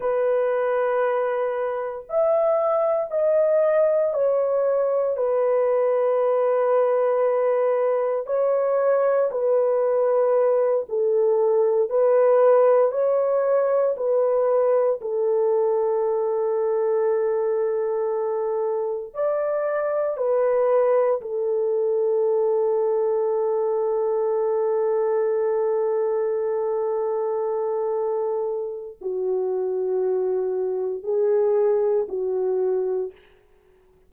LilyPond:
\new Staff \with { instrumentName = "horn" } { \time 4/4 \tempo 4 = 58 b'2 e''4 dis''4 | cis''4 b'2. | cis''4 b'4. a'4 b'8~ | b'8 cis''4 b'4 a'4.~ |
a'2~ a'8 d''4 b'8~ | b'8 a'2.~ a'8~ | a'1 | fis'2 gis'4 fis'4 | }